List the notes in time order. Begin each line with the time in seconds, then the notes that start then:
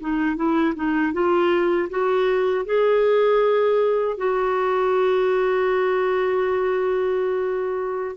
0.00 D#4
0.36 E4
0.75 D#4
1.12 F4
1.89 F#4
2.65 G#4
4.17 F#4